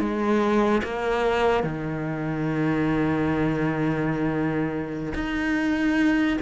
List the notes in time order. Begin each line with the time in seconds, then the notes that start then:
0.00 G#3
0.84 A#3
1.64 D#3
5.15 D#4